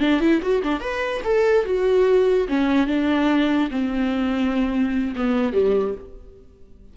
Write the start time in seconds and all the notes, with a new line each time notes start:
0.00 D4
0.20 E4
0.42 F#4
0.63 D4
0.81 B4
1.24 A4
1.65 F#4
2.49 C#4
2.87 D4
3.71 C4
5.16 B3
5.53 G3